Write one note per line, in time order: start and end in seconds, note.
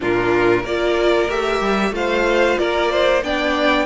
0.00 0.63 A#2
0.00 0.65 D4
0.00 0.62 F4
0.00 0.66 A#4
0.62 1.28 A#3
0.62 1.28 F4
0.62 1.91 A#4
0.62 1.30 D5
1.28 1.60 A3
1.28 1.92 G4
1.28 1.94 E5
1.60 1.91 G3
1.91 2.55 A3
1.91 3.21 F4
1.91 2.59 C5
1.91 2.58 F5
2.58 3.23 A#3
2.58 2.91 A#4
2.58 3.22 D5
2.91 3.23 C5
3.23 3.86 B3
3.23 3.86 D4
3.23 3.86 D5
3.23 3.86 G5